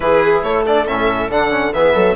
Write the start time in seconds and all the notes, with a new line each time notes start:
0.00 E3 E4 G#4 B4
0.42 A3 A4 C#5
0.66 D4 D5
0.87 A2 C#4 E5
1.30 D3 D4 F#5
1.50 C#4
1.73 E3 B3 G#4 E5
1.94 F#3 A4